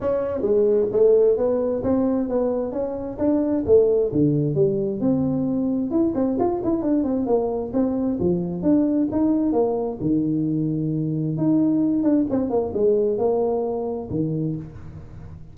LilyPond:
\new Staff \with { instrumentName = "tuba" } { \time 4/4 \tempo 4 = 132 cis'4 gis4 a4 b4 | c'4 b4 cis'4 d'4 | a4 d4 g4 c'4~ | c'4 e'8 c'8 f'8 e'8 d'8 c'8 |
ais4 c'4 f4 d'4 | dis'4 ais4 dis2~ | dis4 dis'4. d'8 c'8 ais8 | gis4 ais2 dis4 | }